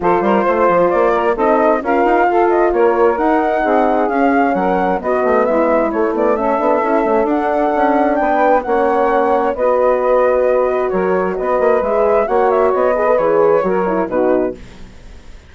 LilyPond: <<
  \new Staff \with { instrumentName = "flute" } { \time 4/4 \tempo 4 = 132 c''2 d''4 dis''4 | f''4. dis''8 cis''4 fis''4~ | fis''4 f''4 fis''4 dis''4 | e''4 cis''8 d''8 e''2 |
fis''2 g''4 fis''4~ | fis''4 dis''2. | cis''4 dis''4 e''4 fis''8 e''8 | dis''4 cis''2 b'4 | }
  \new Staff \with { instrumentName = "saxophone" } { \time 4/4 a'8 ais'8 c''4. ais'8 a'4 | ais'4 a'4 ais'2 | gis'2 ais'4 fis'4 | e'2 a'2~ |
a'2 b'4 cis''4~ | cis''4 b'2. | ais'4 b'2 cis''4~ | cis''8 b'4. ais'4 fis'4 | }
  \new Staff \with { instrumentName = "horn" } { \time 4/4 f'2. dis'4 | f'2. dis'4~ | dis'4 cis'2 b4~ | b4 a8 b8 cis'8 d'8 e'8 cis'8 |
d'2. cis'4~ | cis'4 fis'2.~ | fis'2 gis'4 fis'4~ | fis'8 gis'16 a'16 gis'4 fis'8 e'8 dis'4 | }
  \new Staff \with { instrumentName = "bassoon" } { \time 4/4 f8 g8 a8 f8 ais4 c'4 | cis'8 dis'8 f'4 ais4 dis'4 | c'4 cis'4 fis4 b8 a8 | gis4 a4. b8 cis'8 a8 |
d'4 cis'4 b4 ais4~ | ais4 b2. | fis4 b8 ais8 gis4 ais4 | b4 e4 fis4 b,4 | }
>>